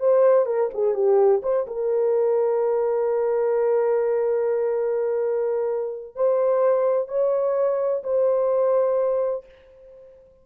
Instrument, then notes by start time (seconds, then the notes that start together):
horn
0.00 C5
0.46 A#4
0.74 G#4
0.94 G4
1.43 C5
1.67 A#4
6.16 C5
7.08 C#5
8.04 C5